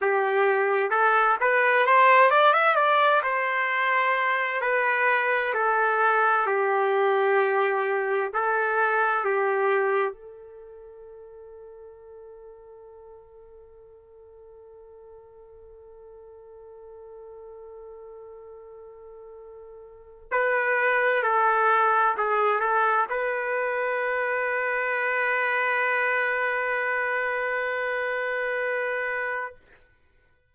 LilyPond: \new Staff \with { instrumentName = "trumpet" } { \time 4/4 \tempo 4 = 65 g'4 a'8 b'8 c''8 d''16 e''16 d''8 c''8~ | c''4 b'4 a'4 g'4~ | g'4 a'4 g'4 a'4~ | a'1~ |
a'1~ | a'2 b'4 a'4 | gis'8 a'8 b'2.~ | b'1 | }